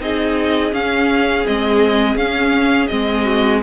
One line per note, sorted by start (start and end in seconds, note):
0.00 0.72 C4
0.00 0.72 D#4
0.00 3.24 G#4
0.00 0.74 D#5
0.72 1.45 C#4
0.72 1.46 F5
1.46 2.15 G#3
1.46 2.18 C4
1.46 2.17 D#5
2.15 2.87 C#4
2.15 2.90 C#4
2.15 2.87 F5
2.87 3.63 G#3
2.87 3.62 C4
2.87 3.60 D#5
3.24 3.60 F#4